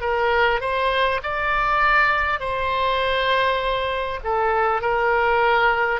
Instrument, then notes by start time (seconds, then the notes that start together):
oboe
0.00 A#4
0.61 C5
1.23 D5
2.39 C5
4.24 A4
4.81 A#4